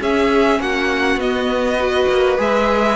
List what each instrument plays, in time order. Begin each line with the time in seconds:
0.00 cello C#4, viola C#4, violin G#4 E5
0.59 cello A#3, violin F#4 F#5
1.15 cello B3, viola B3, violin D#5
1.79 viola F#4, violin B4
2.08 cello A#3
2.37 cello G#3, viola G#4, violin E5